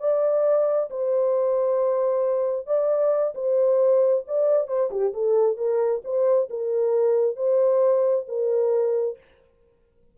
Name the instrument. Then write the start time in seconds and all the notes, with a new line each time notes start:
horn
0.00 D5
0.90 C5
2.67 D5
3.35 C5
4.27 D5
4.68 C5
4.91 G4
5.14 A4
5.57 A#4
6.04 C5
6.50 A#4
7.36 C5
8.28 A#4